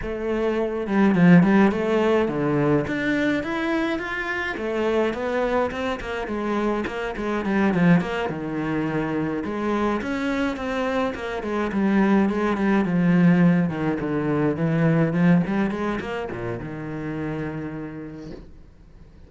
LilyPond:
\new Staff \with { instrumentName = "cello" } { \time 4/4 \tempo 4 = 105 a4. g8 f8 g8 a4 | d4 d'4 e'4 f'4 | a4 b4 c'8 ais8 gis4 | ais8 gis8 g8 f8 ais8 dis4.~ |
dis8 gis4 cis'4 c'4 ais8 | gis8 g4 gis8 g8 f4. | dis8 d4 e4 f8 g8 gis8 | ais8 ais,8 dis2. | }